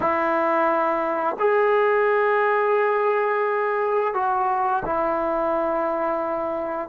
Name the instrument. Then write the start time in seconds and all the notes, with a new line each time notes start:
trombone
0.00 E4
1.39 G#4
4.14 F#4
4.85 E4